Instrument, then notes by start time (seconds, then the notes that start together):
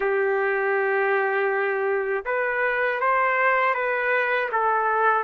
trumpet
0.00 G4
2.25 B4
3.00 C5
3.74 B4
4.52 A4